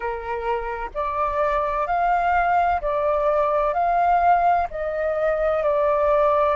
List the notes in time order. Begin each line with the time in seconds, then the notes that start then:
0.00 A#4
0.94 D5
1.87 F5
2.81 D5
3.73 F5
4.70 D#5
5.63 D5